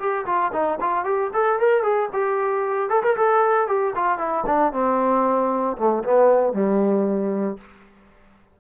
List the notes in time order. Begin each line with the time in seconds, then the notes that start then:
0.00 G4
0.26 F4
0.53 D#4
0.81 F4
1.05 G4
1.34 A4
1.60 A#4
1.83 G#4
2.13 G4
2.90 A4
3.03 A#4
3.17 A4
3.68 G4
3.96 F4
4.19 E4
4.47 D4
4.73 C4
5.78 A3
6.04 B3
6.54 G3